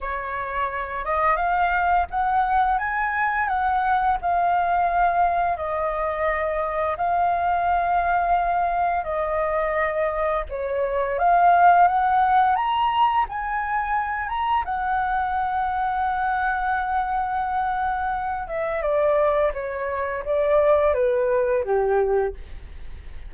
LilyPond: \new Staff \with { instrumentName = "flute" } { \time 4/4 \tempo 4 = 86 cis''4. dis''8 f''4 fis''4 | gis''4 fis''4 f''2 | dis''2 f''2~ | f''4 dis''2 cis''4 |
f''4 fis''4 ais''4 gis''4~ | gis''8 ais''8 fis''2.~ | fis''2~ fis''8 e''8 d''4 | cis''4 d''4 b'4 g'4 | }